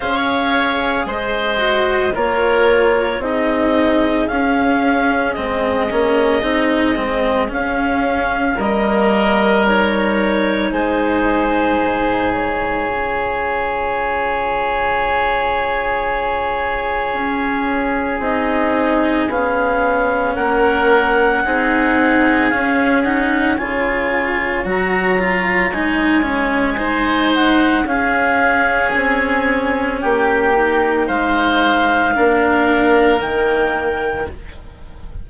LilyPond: <<
  \new Staff \with { instrumentName = "clarinet" } { \time 4/4 \tempo 4 = 56 f''4 dis''4 cis''4 dis''4 | f''4 dis''2 f''4 | dis''4 cis''4 c''4. cis''8~ | cis''1~ |
cis''4 dis''4 f''4 fis''4~ | fis''4 f''8 fis''8 gis''4 ais''4 | gis''4. fis''8 f''4 gis''4 | g''4 f''2 g''4 | }
  \new Staff \with { instrumentName = "oboe" } { \time 4/4 cis''4 c''4 ais'4 gis'4~ | gis'1 | ais'2 gis'2~ | gis'1~ |
gis'2. ais'4 | gis'2 cis''2~ | cis''4 c''4 gis'2 | g'4 c''4 ais'2 | }
  \new Staff \with { instrumentName = "cello" } { \time 4/4 gis'4. fis'8 f'4 dis'4 | cis'4 c'8 cis'8 dis'8 c'8 cis'4 | ais4 dis'2. | f'1~ |
f'4 dis'4 cis'2 | dis'4 cis'8 dis'8 f'4 fis'8 f'8 | dis'8 cis'8 dis'4 cis'2~ | cis'8 dis'4. d'4 ais4 | }
  \new Staff \with { instrumentName = "bassoon" } { \time 4/4 cis'4 gis4 ais4 c'4 | cis'4 gis8 ais8 c'8 gis8 cis'4 | g2 gis4 gis,4 | cis1 |
cis'4 c'4 b4 ais4 | c'4 cis'4 cis4 fis4 | gis2 cis'4 c'4 | ais4 gis4 ais4 dis4 | }
>>